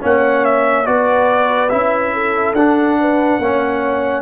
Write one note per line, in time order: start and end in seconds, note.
0.00 0.88 A#3
0.00 0.85 C#4
0.00 0.87 C#5
0.00 0.45 F#5
0.45 0.86 E5
0.85 1.72 B3
0.85 1.69 F#4
0.85 2.14 B4
0.85 1.69 D5
1.69 2.54 C#4
1.69 2.56 E4
1.69 2.54 E5
2.14 2.98 A4
2.54 3.38 D4
2.54 3.41 D4
2.54 4.21 F#5
3.00 3.41 B4
3.39 4.21 A#3
3.39 4.21 C#4
3.39 4.21 C#5